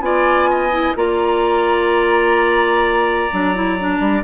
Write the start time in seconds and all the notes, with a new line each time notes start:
0.00 B3 F4 D5 G#5
0.50 D#5
0.71 E4
0.96 A#3 F4 D5 A#5
3.31 F#3 D4
3.55 E4
3.79 D4
3.99 G3